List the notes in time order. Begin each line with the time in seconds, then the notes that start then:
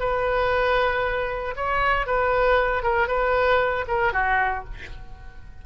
0.00 B4
1.56 C#5
2.07 B4
2.83 A#4
3.08 B4
3.88 A#4
4.13 F#4